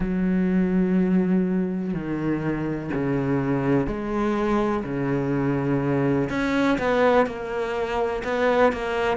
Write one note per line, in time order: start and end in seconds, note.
0.00 1.93 F#3
1.93 2.90 D#3
2.93 3.86 C#3
3.86 4.83 G#3
4.83 6.29 C#3
6.29 6.77 C#4
6.78 7.26 B3
7.26 8.23 A#3
8.24 8.72 B3
8.72 9.17 A#3